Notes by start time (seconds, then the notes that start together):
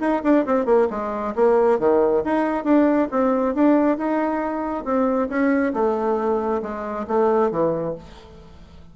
0.00 D#4
0.23 D4
0.46 C4
0.66 A#3
0.90 G#3
1.36 A#3
1.79 D#3
2.24 D#4
2.64 D4
3.11 C4
3.55 D4
3.98 D#4
4.85 C4
5.29 C#4
5.74 A3
6.62 G#3
7.07 A3
7.51 E3